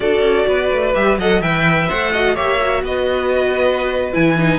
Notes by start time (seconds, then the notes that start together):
0.00 D4 F#4 A4 D5
0.21 C#4
0.47 B3 B4
0.71 A3
0.93 G3 G4 E5
1.18 F#3 A4 D#5 F#5
1.41 E3 B4 E5 G5
1.88 A3 C5 F#5
2.12 F#4 D#5
2.34 A#3 G4 C#5 E5
2.61 F#4
2.82 B3 B4 D#5
4.12 E3 E4 G#5
4.38 D#4